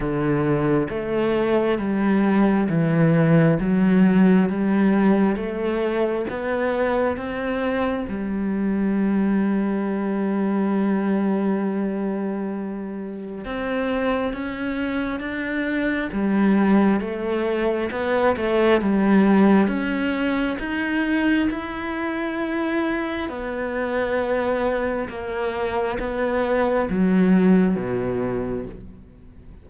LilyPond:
\new Staff \with { instrumentName = "cello" } { \time 4/4 \tempo 4 = 67 d4 a4 g4 e4 | fis4 g4 a4 b4 | c'4 g2.~ | g2. c'4 |
cis'4 d'4 g4 a4 | b8 a8 g4 cis'4 dis'4 | e'2 b2 | ais4 b4 fis4 b,4 | }